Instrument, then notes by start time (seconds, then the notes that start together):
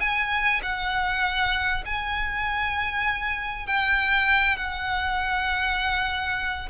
violin
0.00 G#5
0.62 F#5
1.85 G#5
3.66 G5
4.56 F#5